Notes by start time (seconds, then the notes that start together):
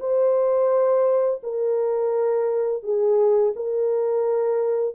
0.00 C5
1.43 A#4
2.83 G#4
3.56 A#4